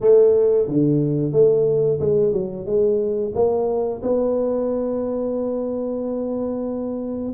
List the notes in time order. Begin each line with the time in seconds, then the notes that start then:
0.00 A3
0.67 D3
1.32 A3
2.00 G#3
2.32 F#3
2.66 G#3
3.35 A#3
4.02 B3